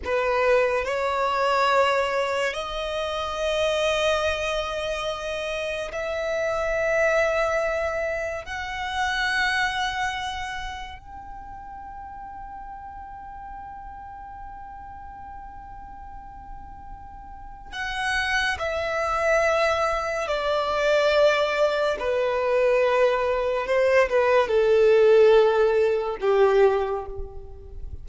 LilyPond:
\new Staff \with { instrumentName = "violin" } { \time 4/4 \tempo 4 = 71 b'4 cis''2 dis''4~ | dis''2. e''4~ | e''2 fis''2~ | fis''4 g''2.~ |
g''1~ | g''4 fis''4 e''2 | d''2 b'2 | c''8 b'8 a'2 g'4 | }